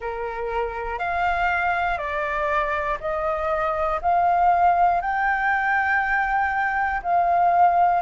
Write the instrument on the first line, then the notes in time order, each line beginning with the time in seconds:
flute
0.00 A#4
0.99 F5
1.98 D5
3.00 D#5
4.01 F5
5.00 G5
7.02 F5